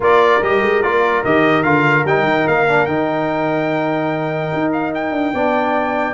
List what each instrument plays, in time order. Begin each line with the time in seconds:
0.00 tuba A#3, trombone F4, horn A#4, trumpet D5
0.41 tuba G3, trombone G4, trumpet D#5
0.61 tuba G#3
0.82 tuba A#3, trombone F4, trumpet D5
1.24 tuba D#3, trombone G4, trumpet D#5
1.63 tuba D3, trombone F4, trumpet F5
2.04 tuba G3, trombone D#4, trumpet G5
2.23 tuba D#3
2.47 tuba A#3, trumpet F5
2.68 trombone D4
2.85 tuba D#3, trombone D#4, trumpet G5
4.53 tuba D#4
4.72 trumpet F5
4.94 trumpet G5
5.11 tuba D4
5.33 tuba B3, trombone D4, horn D5